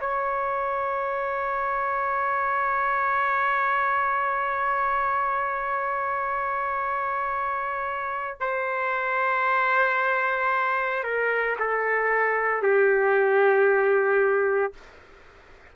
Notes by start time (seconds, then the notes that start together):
0.00 C#5
8.41 C5
11.04 A#4
11.59 A4
12.62 G4